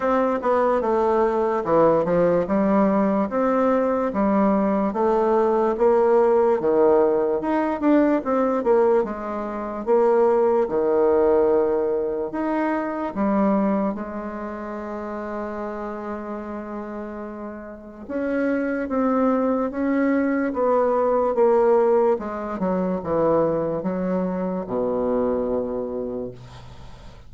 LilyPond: \new Staff \with { instrumentName = "bassoon" } { \time 4/4 \tempo 4 = 73 c'8 b8 a4 e8 f8 g4 | c'4 g4 a4 ais4 | dis4 dis'8 d'8 c'8 ais8 gis4 | ais4 dis2 dis'4 |
g4 gis2.~ | gis2 cis'4 c'4 | cis'4 b4 ais4 gis8 fis8 | e4 fis4 b,2 | }